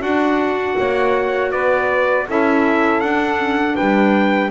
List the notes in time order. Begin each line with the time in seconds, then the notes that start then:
0.00 D4 F#4 F#5
0.78 A#3 C#5
1.52 B3 B4 D5
2.28 C#4 E4 A4 E5
3.01 D4 F#5
3.40 C#4
3.57 D4
3.75 G3 B4 G5